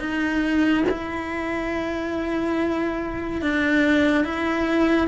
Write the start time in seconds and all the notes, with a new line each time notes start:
0.00 D#4
0.90 E4
3.42 D4
4.25 E4